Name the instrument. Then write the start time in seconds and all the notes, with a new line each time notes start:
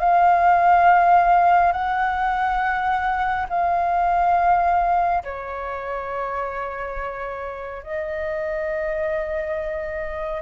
flute
0.00 F5
1.72 F#5
3.49 F5
5.24 C#5
7.83 D#5